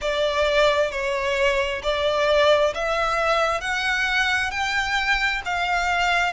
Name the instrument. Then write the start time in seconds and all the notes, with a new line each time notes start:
violin
0.01 D5
0.91 C#5
1.82 D5
2.74 E5
3.60 F#5
4.50 G5
5.45 F5